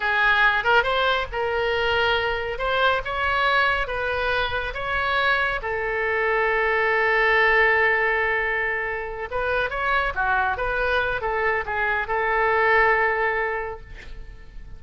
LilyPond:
\new Staff \with { instrumentName = "oboe" } { \time 4/4 \tempo 4 = 139 gis'4. ais'8 c''4 ais'4~ | ais'2 c''4 cis''4~ | cis''4 b'2 cis''4~ | cis''4 a'2.~ |
a'1~ | a'4. b'4 cis''4 fis'8~ | fis'8 b'4. a'4 gis'4 | a'1 | }